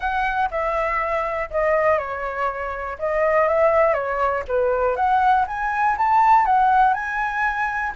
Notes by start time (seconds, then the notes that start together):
0.00 F#5
0.50 E5
1.50 D#5
1.98 C#5
2.98 D#5
3.47 E5
3.93 C#5
4.47 B4
4.96 F#5
5.47 G#5
5.97 A5
6.45 F#5
6.93 G#5